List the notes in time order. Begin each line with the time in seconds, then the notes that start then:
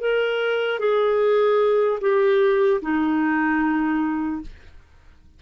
0.00 A#4
0.79 G#4
2.01 G4
2.81 D#4